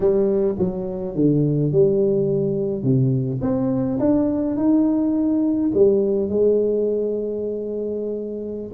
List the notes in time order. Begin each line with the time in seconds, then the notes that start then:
0.00 G3
0.58 F#3
1.15 D3
1.72 G3
2.83 C3
3.41 C4
3.99 D4
4.56 D#4
5.74 G3
6.29 G#3